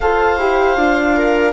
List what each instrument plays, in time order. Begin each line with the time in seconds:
0.00 bassoon F4, horn A4, viola C5, clarinet F5
0.38 bassoon E4, horn G4
0.76 bassoon D4, horn F4
1.15 viola A#4